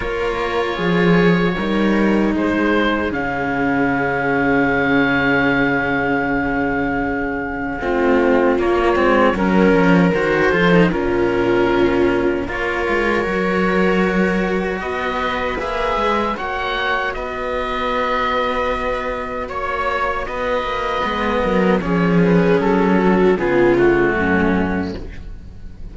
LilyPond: <<
  \new Staff \with { instrumentName = "oboe" } { \time 4/4 \tempo 4 = 77 cis''2. c''4 | f''1~ | f''2. cis''4 | ais'4 c''4 ais'2 |
cis''2. dis''4 | e''4 fis''4 dis''2~ | dis''4 cis''4 dis''2 | cis''8 b'8 a'4 gis'8 fis'4. | }
  \new Staff \with { instrumentName = "viola" } { \time 4/4 ais'4 gis'4 ais'4 gis'4~ | gis'1~ | gis'2 f'2 | ais'4. a'8 f'2 |
ais'2. b'4~ | b'4 cis''4 b'2~ | b'4 cis''4 b'4. ais'8 | gis'4. fis'8 f'4 cis'4 | }
  \new Staff \with { instrumentName = "cello" } { \time 4/4 f'2 dis'2 | cis'1~ | cis'2 c'4 ais8 c'8 | cis'4 fis'8 f'16 dis'16 cis'2 |
f'4 fis'2. | gis'4 fis'2.~ | fis'2. b4 | cis'2 b8 a4. | }
  \new Staff \with { instrumentName = "cello" } { \time 4/4 ais4 f4 g4 gis4 | cis1~ | cis2 a4 ais8 gis8 | fis8 f8 dis8 f8 ais,2 |
ais8 gis8 fis2 b4 | ais8 gis8 ais4 b2~ | b4 ais4 b8 ais8 gis8 fis8 | f4 fis4 cis4 fis,4 | }
>>